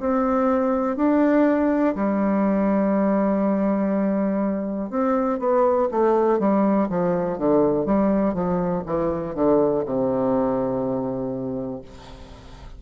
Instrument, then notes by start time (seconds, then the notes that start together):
bassoon
0.00 C4
0.96 D4
1.95 G3
4.90 C4
5.39 B3
5.91 A3
6.39 G3
6.89 F3
7.38 D3
7.86 G3
8.34 F3
8.86 E3
9.34 D3
9.85 C3